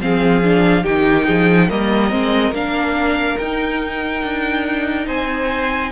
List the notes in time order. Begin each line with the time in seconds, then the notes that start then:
0.00 F3 C4 G#4 F5
0.43 D4
0.83 D#3 D#4 G4 G5
1.25 F3 G#4
1.68 G3 A#3 A#4 D#5
2.10 G#3 C4
2.50 A#3 D4 F5
3.37 D#4 G5
4.23 D4
5.06 C4 C5 G#5